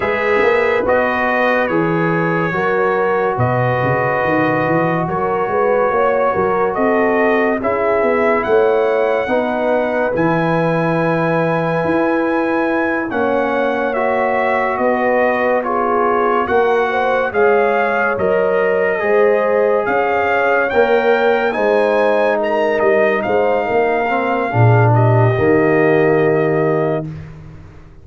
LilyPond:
<<
  \new Staff \with { instrumentName = "trumpet" } { \time 4/4 \tempo 4 = 71 e''4 dis''4 cis''2 | dis''2 cis''2 | dis''4 e''4 fis''2 | gis''2.~ gis''8 fis''8~ |
fis''8 e''4 dis''4 cis''4 fis''8~ | fis''8 f''4 dis''2 f''8~ | f''8 g''4 gis''4 ais''8 dis''8 f''8~ | f''4. dis''2~ dis''8 | }
  \new Staff \with { instrumentName = "horn" } { \time 4/4 b'2. ais'4 | b'2 ais'8 b'8 cis''8 ais'8 | a'4 gis'4 cis''4 b'4~ | b'2.~ b'8 cis''8~ |
cis''4. b'4 gis'4 ais'8 | c''8 cis''2 c''4 cis''8~ | cis''4. c''4 ais'4 c''8 | ais'4 gis'8 g'2~ g'8 | }
  \new Staff \with { instrumentName = "trombone" } { \time 4/4 gis'4 fis'4 gis'4 fis'4~ | fis'1~ | fis'4 e'2 dis'4 | e'2.~ e'8 cis'8~ |
cis'8 fis'2 f'4 fis'8~ | fis'8 gis'4 ais'4 gis'4.~ | gis'8 ais'4 dis'2~ dis'8~ | dis'8 c'8 d'4 ais2 | }
  \new Staff \with { instrumentName = "tuba" } { \time 4/4 gis8 ais8 b4 e4 fis4 | b,8 cis8 dis8 e8 fis8 gis8 ais8 fis8 | c'4 cis'8 b8 a4 b4 | e2 e'4. ais8~ |
ais4. b2 ais8~ | ais8 gis4 fis4 gis4 cis'8~ | cis'8 ais4 gis4. g8 gis8 | ais4 ais,4 dis2 | }
>>